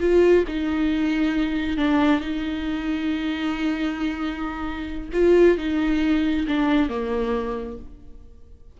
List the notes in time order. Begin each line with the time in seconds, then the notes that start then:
0.00 F4
0.47 D#4
1.77 D4
2.20 D#4
5.13 F4
5.58 D#4
6.48 D4
6.89 A#3